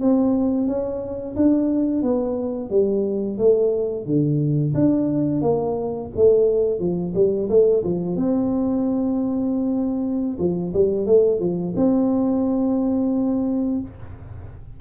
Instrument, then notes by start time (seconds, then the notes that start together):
tuba
0.00 C4
0.67 C#4
1.36 D4
2.02 B3
2.70 G3
3.38 A3
4.06 D3
4.74 D4
5.41 A#3
6.15 A3
6.79 F3
7.15 G3
7.49 A3
7.84 F3
8.16 C4
10.38 F3
10.73 G3
11.06 A3
11.40 F3
11.76 C4